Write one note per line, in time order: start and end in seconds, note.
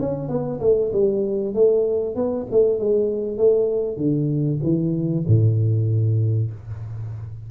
0.00 0.29 C#4
0.29 0.60 B3
0.60 0.91 A3
0.93 1.54 G3
1.54 2.15 A3
2.15 2.46 B3
2.51 2.79 A3
2.79 3.38 G#3
3.38 3.97 A3
3.97 4.59 D3
4.63 5.25 E3
5.27 6.51 A2